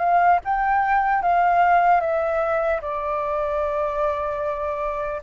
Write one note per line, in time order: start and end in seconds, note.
0.00 0.40 F5
0.45 1.23 G5
1.23 2.01 F5
2.01 2.81 E5
2.82 5.22 D5